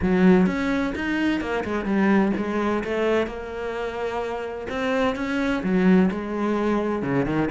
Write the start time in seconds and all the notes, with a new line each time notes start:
0.02 F#3
0.46 C#4
0.95 D#4
1.40 A#3
1.64 G#3
1.85 G3
2.36 G#3
2.84 A3
3.26 A#3
4.69 C4
5.15 C#4
5.63 F#3
6.11 G#3
7.02 C#3
7.25 D#3